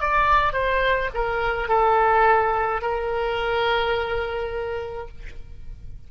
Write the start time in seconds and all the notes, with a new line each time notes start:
0.00 D5
0.54 C5
1.14 A#4
1.69 A4
2.82 A#4